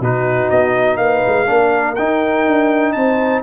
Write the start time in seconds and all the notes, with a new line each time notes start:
0.00 B2 D#4 F#4 B4
0.50 B3 D#5
0.97 A#3 B4 F5
1.26 G#3
1.46 A#3 D4 A#4
1.95 D#4 G5
2.47 D4
2.92 C4 C5 A5